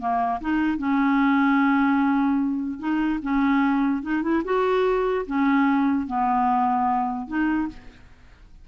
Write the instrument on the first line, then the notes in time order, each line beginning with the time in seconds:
clarinet
0.00 A#3
0.41 D#4
0.78 C#4
2.80 D#4
3.23 C#4
4.03 D#4
4.23 E4
4.45 F#4
5.27 C#4
6.07 B3
7.28 D#4